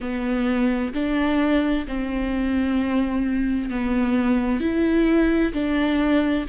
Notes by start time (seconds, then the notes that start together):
0.00 B3
0.93 D4
1.87 C4
3.70 B3
4.60 E4
5.53 D4